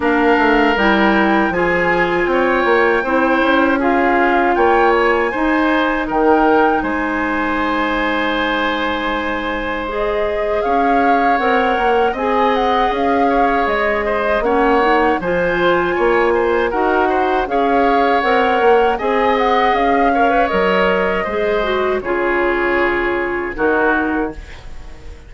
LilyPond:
<<
  \new Staff \with { instrumentName = "flute" } { \time 4/4 \tempo 4 = 79 f''4 g''4 gis''4 g''4~ | g''4 f''4 g''8 gis''4. | g''4 gis''2.~ | gis''4 dis''4 f''4 fis''4 |
gis''8 fis''8 f''4 dis''4 fis''4 | gis''2 fis''4 f''4 | fis''4 gis''8 fis''8 f''4 dis''4~ | dis''4 cis''2 ais'4 | }
  \new Staff \with { instrumentName = "oboe" } { \time 4/4 ais'2 gis'4 cis''4 | c''4 gis'4 cis''4 c''4 | ais'4 c''2.~ | c''2 cis''2 |
dis''4. cis''4 c''8 cis''4 | c''4 cis''8 c''8 ais'8 c''8 cis''4~ | cis''4 dis''4. cis''4. | c''4 gis'2 fis'4 | }
  \new Staff \with { instrumentName = "clarinet" } { \time 4/4 d'4 e'4 f'2 | e'4 f'2 dis'4~ | dis'1~ | dis'4 gis'2 ais'4 |
gis'2. cis'8 dis'8 | f'2 fis'4 gis'4 | ais'4 gis'4. ais'16 b'16 ais'4 | gis'8 fis'8 f'2 dis'4 | }
  \new Staff \with { instrumentName = "bassoon" } { \time 4/4 ais8 a8 g4 f4 c'8 ais8 | c'8 cis'4. ais4 dis'4 | dis4 gis2.~ | gis2 cis'4 c'8 ais8 |
c'4 cis'4 gis4 ais4 | f4 ais4 dis'4 cis'4 | c'8 ais8 c'4 cis'4 fis4 | gis4 cis2 dis4 | }
>>